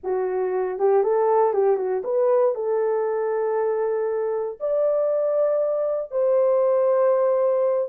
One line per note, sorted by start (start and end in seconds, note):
0.03 0.78 F#4
0.78 1.03 G4
1.03 1.53 A4
1.53 1.76 G4
1.76 2.02 F#4
2.04 2.54 B4
2.54 4.58 A4
4.60 6.11 D5
6.11 7.89 C5